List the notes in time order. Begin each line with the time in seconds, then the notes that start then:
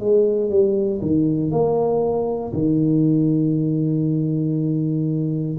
0.00 G#3
0.50 G3
1.02 D#3
1.51 A#3
2.53 D#3